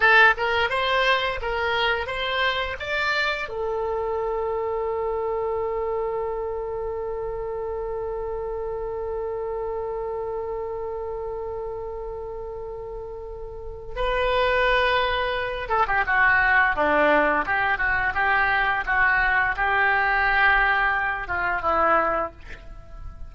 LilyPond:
\new Staff \with { instrumentName = "oboe" } { \time 4/4 \tempo 4 = 86 a'8 ais'8 c''4 ais'4 c''4 | d''4 a'2.~ | a'1~ | a'1~ |
a'1 | b'2~ b'8 a'16 g'16 fis'4 | d'4 g'8 fis'8 g'4 fis'4 | g'2~ g'8 f'8 e'4 | }